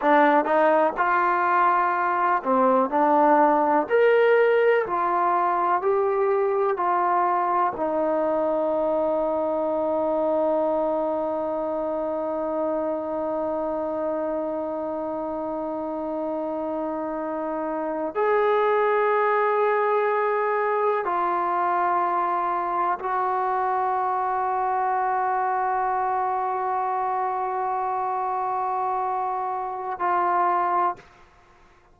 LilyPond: \new Staff \with { instrumentName = "trombone" } { \time 4/4 \tempo 4 = 62 d'8 dis'8 f'4. c'8 d'4 | ais'4 f'4 g'4 f'4 | dis'1~ | dis'1~ |
dis'2~ dis'8. gis'4~ gis'16~ | gis'4.~ gis'16 f'2 fis'16~ | fis'1~ | fis'2. f'4 | }